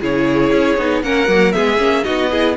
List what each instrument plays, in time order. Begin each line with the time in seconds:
0.00 cello C#3, viola E4, violin G#4 C#5
0.52 cello C#4
0.78 cello B3, viola D#4
1.03 cello A#3, viola C#4, violin A#4 F#5
1.28 cello F#3, viola A#3
1.53 cello G#3, viola B3, violin G#4 E5
1.78 cello A#3, viola C#4
2.04 cello B3, viola D#4, violin F#4 D#5
2.31 viola E4, violin G#4